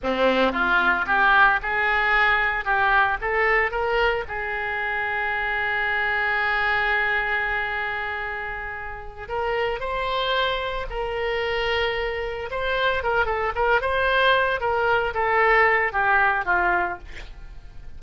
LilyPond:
\new Staff \with { instrumentName = "oboe" } { \time 4/4 \tempo 4 = 113 c'4 f'4 g'4 gis'4~ | gis'4 g'4 a'4 ais'4 | gis'1~ | gis'1~ |
gis'4. ais'4 c''4.~ | c''8 ais'2. c''8~ | c''8 ais'8 a'8 ais'8 c''4. ais'8~ | ais'8 a'4. g'4 f'4 | }